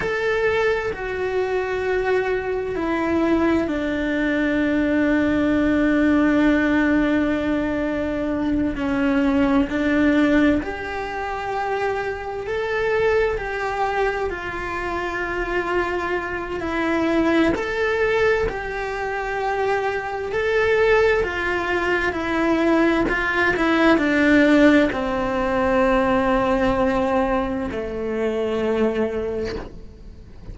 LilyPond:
\new Staff \with { instrumentName = "cello" } { \time 4/4 \tempo 4 = 65 a'4 fis'2 e'4 | d'1~ | d'4. cis'4 d'4 g'8~ | g'4. a'4 g'4 f'8~ |
f'2 e'4 a'4 | g'2 a'4 f'4 | e'4 f'8 e'8 d'4 c'4~ | c'2 a2 | }